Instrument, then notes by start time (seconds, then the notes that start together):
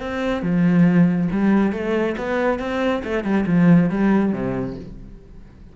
cello
0.00 C4
0.42 F3
1.32 G3
1.72 A3
2.18 B3
2.59 C4
3.04 A3
3.24 G3
3.46 F3
3.89 G3
4.32 C3